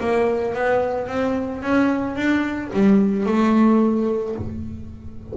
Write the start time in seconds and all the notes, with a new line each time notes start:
0.00 A#3
0.54 B3
1.08 C4
1.63 C#4
2.16 D4
2.73 G3
3.26 A3